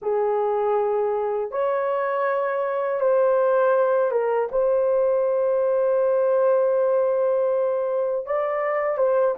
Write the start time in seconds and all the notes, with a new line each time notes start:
0.02 G#4
1.51 C#5
3.00 C5
4.11 A#4
4.51 C5
8.26 D5
8.97 C5